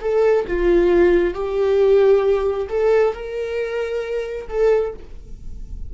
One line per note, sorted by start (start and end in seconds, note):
0.00 0.45 A4
0.47 1.34 F4
1.34 2.68 G4
2.69 3.13 A4
3.13 4.47 A#4
4.49 4.93 A4